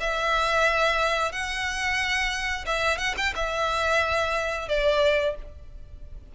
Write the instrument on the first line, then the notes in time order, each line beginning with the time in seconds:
violin
0.00 E5
1.32 F#5
2.66 E5
2.98 F#5
3.17 G5
3.35 E5
4.69 D5